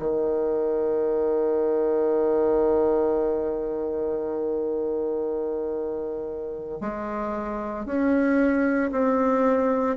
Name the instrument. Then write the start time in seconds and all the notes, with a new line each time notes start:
bassoon
0.00 D#3
6.81 G#3
7.86 C#4
8.92 C4